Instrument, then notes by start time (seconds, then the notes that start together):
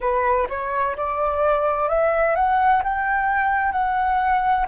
flute
0.00 B4
0.49 C#5
0.96 D5
1.88 E5
2.35 F#5
2.83 G5
3.72 F#5